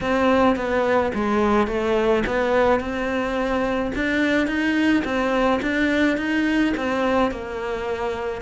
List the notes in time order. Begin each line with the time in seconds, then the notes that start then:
0.00 C4
0.56 B3
1.14 G#3
1.67 A3
2.26 B3
2.79 C4
3.95 D4
4.47 D#4
5.04 C4
5.62 D4
6.17 D#4
6.76 C4
7.31 A#3